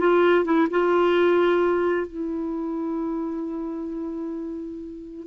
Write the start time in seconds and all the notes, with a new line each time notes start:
0.00 F4
0.45 E4
0.71 F4
2.07 E4